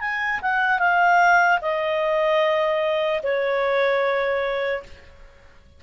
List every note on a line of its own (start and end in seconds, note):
0.00 0.40 G#5
0.42 0.79 F#5
0.79 1.59 F5
1.61 3.21 D#5
3.23 4.83 C#5